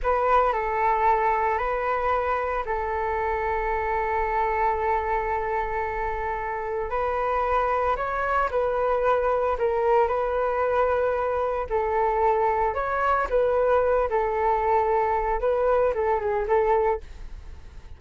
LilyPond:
\new Staff \with { instrumentName = "flute" } { \time 4/4 \tempo 4 = 113 b'4 a'2 b'4~ | b'4 a'2.~ | a'1~ | a'4 b'2 cis''4 |
b'2 ais'4 b'4~ | b'2 a'2 | cis''4 b'4. a'4.~ | a'4 b'4 a'8 gis'8 a'4 | }